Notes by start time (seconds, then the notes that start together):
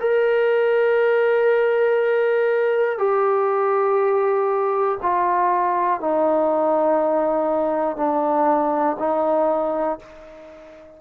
0.00 A#4
2.98 G4
5.02 F4
6.00 D#4
7.96 D4
8.99 D#4